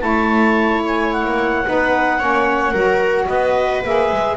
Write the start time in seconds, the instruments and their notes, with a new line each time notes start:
0.00 double bass A3, saxophone E4, viola C#5, clarinet A5
0.86 clarinet G#5
1.13 clarinet F#5
1.24 double bass A#3
1.65 double bass B3, saxophone D#4, viola B4
2.19 double bass A#3, saxophone C#4, viola C#5
2.71 double bass F#3, saxophone F#4, viola A#4
3.27 double bass B3, viola B4, clarinet D#5
3.83 double bass A#3, saxophone G#4, clarinet E5
4.11 double bass G#3